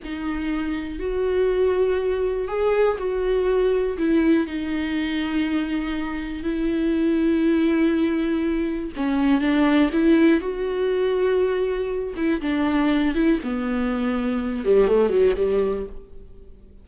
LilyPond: \new Staff \with { instrumentName = "viola" } { \time 4/4 \tempo 4 = 121 dis'2 fis'2~ | fis'4 gis'4 fis'2 | e'4 dis'2.~ | dis'4 e'2.~ |
e'2 cis'4 d'4 | e'4 fis'2.~ | fis'8 e'8 d'4. e'8 b4~ | b4. g8 a8 fis8 g4 | }